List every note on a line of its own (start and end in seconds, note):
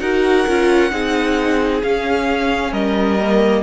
0.00 0.46 D#4
0.00 0.47 F#4
0.00 0.92 A#4
0.00 1.82 F#5
0.48 0.93 C#4
0.48 0.91 F4
0.91 1.84 C4
0.91 1.82 D#4
0.91 2.72 G#4
1.83 3.20 C#4
1.83 2.73 C#4
1.83 2.74 F5
2.72 3.63 G3
2.72 3.63 A#4
2.72 3.63 D#5
3.20 3.63 A#3